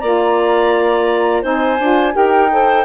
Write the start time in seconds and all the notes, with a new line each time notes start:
0.00 A#3 F4 D5 A#5
1.41 C4 D#4 C5 G#5
1.79 D4 F4
2.12 D#4 G4 A#4 G5
2.51 A4 C5